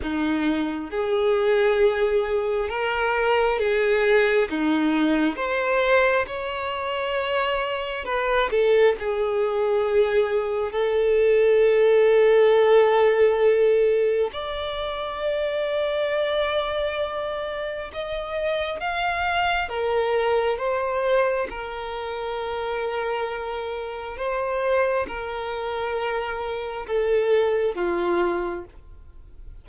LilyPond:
\new Staff \with { instrumentName = "violin" } { \time 4/4 \tempo 4 = 67 dis'4 gis'2 ais'4 | gis'4 dis'4 c''4 cis''4~ | cis''4 b'8 a'8 gis'2 | a'1 |
d''1 | dis''4 f''4 ais'4 c''4 | ais'2. c''4 | ais'2 a'4 f'4 | }